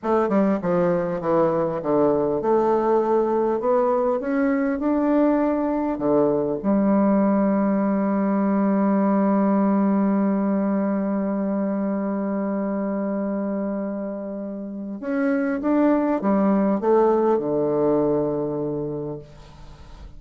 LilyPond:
\new Staff \with { instrumentName = "bassoon" } { \time 4/4 \tempo 4 = 100 a8 g8 f4 e4 d4 | a2 b4 cis'4 | d'2 d4 g4~ | g1~ |
g1~ | g1~ | g4 cis'4 d'4 g4 | a4 d2. | }